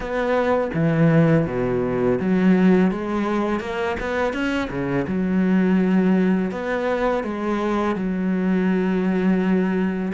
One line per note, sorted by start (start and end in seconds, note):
0.00 0.70 B3
0.74 1.46 E3
1.46 2.19 B2
2.19 2.91 F#3
2.91 3.60 G#3
3.60 3.96 A#3
4.00 4.33 B3
4.33 4.69 C#4
4.70 5.06 C#3
5.07 6.51 F#3
6.51 7.23 B3
7.23 7.95 G#3
7.95 10.12 F#3